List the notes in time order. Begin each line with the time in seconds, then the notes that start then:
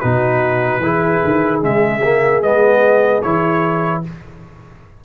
0.00 B2 D#4 F#4 B4
0.79 E3 E4 G#4
1.25 D#3
1.62 C#3 G#3 E5
2.03 A#3
2.42 G#3 B3 D#5
3.22 E3 E4 C#5